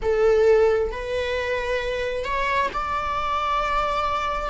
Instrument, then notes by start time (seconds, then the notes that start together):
viola
0.02 A4
0.91 B4
2.24 C#5
2.73 D5